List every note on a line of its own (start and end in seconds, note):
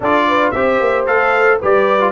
0.00 0.52 D4
0.00 0.54 F4
0.00 0.27 A4
0.00 0.51 D5
0.28 0.54 B4
0.51 0.79 C4
0.51 1.06 G4
0.51 1.59 C5
0.51 1.04 E5
0.80 1.06 A#3
1.06 1.60 A3
1.06 1.60 A4
1.06 1.60 F5
1.59 2.12 G3
1.59 2.00 G4
1.59 2.12 B4
1.59 2.12 D5
2.00 2.12 F4